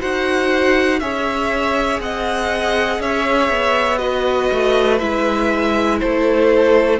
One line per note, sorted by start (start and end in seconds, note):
0.00 1.01 D#4
0.00 1.00 F#4
0.00 1.00 C5
0.00 1.00 F#5
1.00 2.00 C#4
1.00 3.99 G#4
1.00 2.02 C#5
1.00 2.00 E5
2.00 3.00 C4
2.00 3.01 D#5
2.00 3.01 F#5
3.00 3.49 C#4
3.00 3.99 C#5
3.00 3.98 E5
3.49 4.49 B3
3.98 4.99 F#4
3.98 5.99 B4
3.98 4.98 D#5
4.52 5.01 A3
4.99 6.01 G#3
4.99 7.00 E4
4.99 5.99 E5
6.00 7.00 A3
6.00 7.00 A4
6.00 7.00 C5